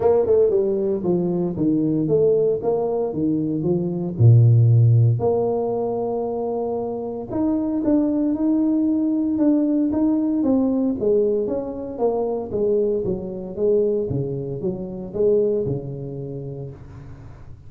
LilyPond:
\new Staff \with { instrumentName = "tuba" } { \time 4/4 \tempo 4 = 115 ais8 a8 g4 f4 dis4 | a4 ais4 dis4 f4 | ais,2 ais2~ | ais2 dis'4 d'4 |
dis'2 d'4 dis'4 | c'4 gis4 cis'4 ais4 | gis4 fis4 gis4 cis4 | fis4 gis4 cis2 | }